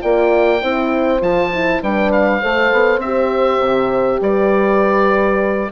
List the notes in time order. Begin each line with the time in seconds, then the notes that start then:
0.00 A#3 F4 D5 G5
0.61 C4 E4 C5
1.20 F3 F4 A5
1.53 E4
1.82 G3 D4 B4 G5
2.12 F5
2.41 A3 A4 C5
2.72 B3
2.98 C4 E5
3.04 G4
3.60 C3
4.21 G3 B4 D5